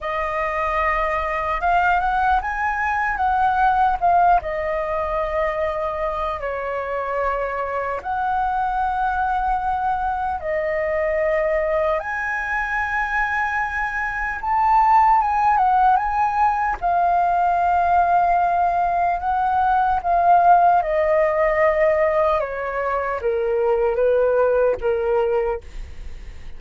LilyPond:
\new Staff \with { instrumentName = "flute" } { \time 4/4 \tempo 4 = 75 dis''2 f''8 fis''8 gis''4 | fis''4 f''8 dis''2~ dis''8 | cis''2 fis''2~ | fis''4 dis''2 gis''4~ |
gis''2 a''4 gis''8 fis''8 | gis''4 f''2. | fis''4 f''4 dis''2 | cis''4 ais'4 b'4 ais'4 | }